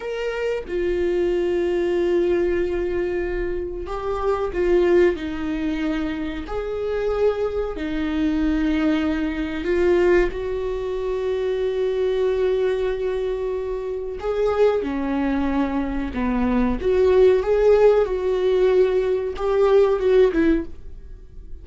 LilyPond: \new Staff \with { instrumentName = "viola" } { \time 4/4 \tempo 4 = 93 ais'4 f'2.~ | f'2 g'4 f'4 | dis'2 gis'2 | dis'2. f'4 |
fis'1~ | fis'2 gis'4 cis'4~ | cis'4 b4 fis'4 gis'4 | fis'2 g'4 fis'8 e'8 | }